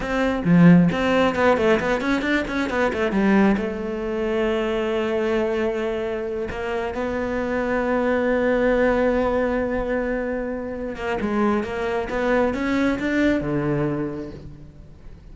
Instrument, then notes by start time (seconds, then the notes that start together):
cello
0.00 C4
0.44 F3
0.91 C4
1.35 B3
1.57 A3
1.80 B3
2.00 C#4
2.21 D4
2.47 C#4
2.69 B3
2.92 A3
3.11 G3
3.57 A3
6.50 A#3
6.94 B3
10.95 A#3
11.20 G#3
11.63 A#3
12.09 B3
12.54 C#4
12.99 D4
13.40 D3